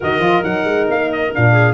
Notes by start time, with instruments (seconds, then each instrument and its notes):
0.00 tuba D#3, horn F#4, clarinet A#4, trumpet D#5
0.19 tuba F3, horn F4
0.41 tuba F#3, horn D#4, trumpet F#5
0.64 tuba G#3
0.89 tuba A#3, trumpet F5
1.11 trumpet D#5
1.33 tuba A#2, horn D4, trumpet F5
1.52 clarinet G#4